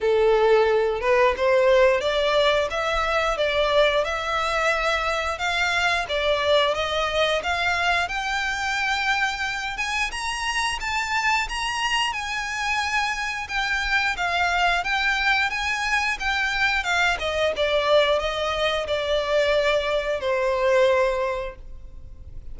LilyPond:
\new Staff \with { instrumentName = "violin" } { \time 4/4 \tempo 4 = 89 a'4. b'8 c''4 d''4 | e''4 d''4 e''2 | f''4 d''4 dis''4 f''4 | g''2~ g''8 gis''8 ais''4 |
a''4 ais''4 gis''2 | g''4 f''4 g''4 gis''4 | g''4 f''8 dis''8 d''4 dis''4 | d''2 c''2 | }